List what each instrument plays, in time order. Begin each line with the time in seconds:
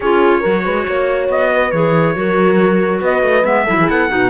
0.00 cello C#4, clarinet F4, horn G#4, trumpet C#5
0.40 cello F#3, clarinet F#4, horn A#4
0.64 cello G#3, horn B4
0.87 cello A#3, horn C#5
1.28 cello B3, trumpet D#5
1.53 horn B4
1.71 cello E3, clarinet G#4, trumpet C#5
2.15 cello F#3, clarinet F#4, horn A#4
3.00 cello B3, horn B4, trumpet D#5
3.22 cello A3
3.43 cello G#3, clarinet B3, trumpet E5
3.64 cello F#3, clarinet E4, horn A4
3.78 cello E3, horn G#4
3.89 cello B3, horn A4, trumpet F#5
4.08 cello B2, clarinet D#4, horn F#4